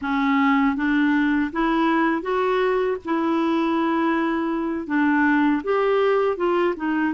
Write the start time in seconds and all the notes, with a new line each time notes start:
0.01 C#4
0.76 D4
1.52 E4
2.22 F#4
3.04 E4
4.86 D4
5.63 G4
6.36 F4
6.76 D#4